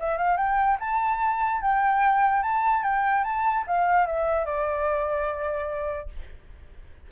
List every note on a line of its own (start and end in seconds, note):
0.00 0.18 E5
0.18 0.37 F5
0.37 0.78 G5
0.80 1.62 A5
1.62 2.43 G5
2.43 2.83 A5
2.83 3.24 G5
3.24 3.65 A5
3.67 4.07 F5
4.07 4.46 E5
4.46 6.09 D5